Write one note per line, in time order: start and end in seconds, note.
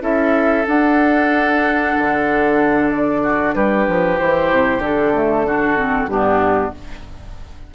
0.00 0.65 C#4
0.00 0.64 E4
0.00 3.21 A4
0.00 0.66 E5
0.67 4.17 D4
0.67 1.95 D4
0.67 2.90 F#5
1.98 3.55 D3
2.90 3.54 D5
3.23 3.55 F#4
3.54 3.87 G3
3.54 5.46 G4
3.54 4.18 B4
3.87 4.19 F3
4.17 4.51 E3
4.17 4.81 E4
4.17 4.82 C5
4.51 4.78 C3
4.78 6.06 D3
4.78 5.14 D4
4.78 6.08 A4
5.14 5.45 A3
5.45 5.76 D4
5.45 6.10 F#4
5.76 6.08 C4
6.06 6.70 G2
6.06 6.74 B3
6.06 6.74 D4
6.06 6.72 G4